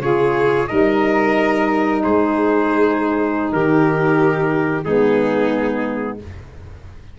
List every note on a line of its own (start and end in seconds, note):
0.00 0.67 C#3
0.00 0.67 F4
0.00 0.69 G#4
0.00 0.67 C#5
0.67 2.05 G3
0.67 4.84 D#4
0.67 2.03 A#4
0.67 2.01 D#5
2.04 3.53 G#3
2.04 3.54 G#4
2.04 3.52 C5
3.52 4.86 D#3
3.52 4.85 G4
3.52 4.84 A#4
4.84 6.19 G#3
4.84 6.18 B3
4.84 6.18 D#4
4.84 6.18 G#4